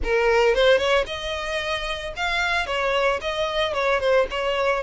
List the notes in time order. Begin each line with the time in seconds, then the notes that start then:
0.03 A#4
0.54 C5
0.78 C#5
1.06 D#5
2.16 F5
2.66 C#5
3.21 D#5
3.73 C#5
3.99 C5
4.30 C#5